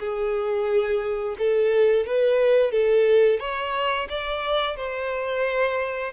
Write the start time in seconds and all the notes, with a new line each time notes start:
0.00 G#4
1.39 A4
2.07 B4
2.72 A4
3.40 C#5
4.09 D5
4.77 C5